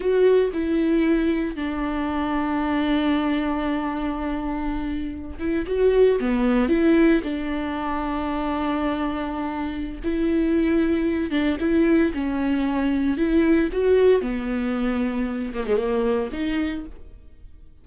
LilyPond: \new Staff \with { instrumentName = "viola" } { \time 4/4 \tempo 4 = 114 fis'4 e'2 d'4~ | d'1~ | d'2~ d'16 e'8 fis'4 b16~ | b8. e'4 d'2~ d'16~ |
d'2. e'4~ | e'4. d'8 e'4 cis'4~ | cis'4 e'4 fis'4 b4~ | b4. ais16 gis16 ais4 dis'4 | }